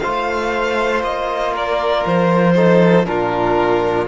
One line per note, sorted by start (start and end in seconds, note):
0.00 1.04 A3
0.00 2.56 F4
0.00 1.53 C5
0.00 1.02 F5
1.04 2.05 A#3
1.04 1.55 D#5
1.53 2.55 A#4
1.53 2.07 D5
2.06 3.07 F3
2.06 3.06 C5
2.56 3.06 D#4
2.56 3.07 A4
3.06 4.08 A#2
3.06 4.07 D4
3.06 4.08 F4
3.06 4.07 A#4